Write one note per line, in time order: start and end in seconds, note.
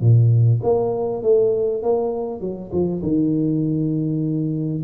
0.00 0.60 A#2
0.63 1.22 A#3
1.22 1.82 A3
1.82 2.40 A#3
2.40 2.70 F#3
2.72 3.02 F3
3.03 4.83 D#3